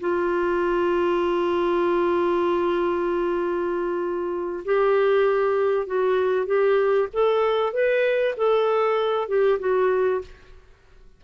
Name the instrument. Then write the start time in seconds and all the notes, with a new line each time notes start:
clarinet
0.00 F4
4.65 G4
5.87 F#4
6.46 G4
7.13 A4
7.73 B4
8.37 A4
9.28 G4
9.59 F#4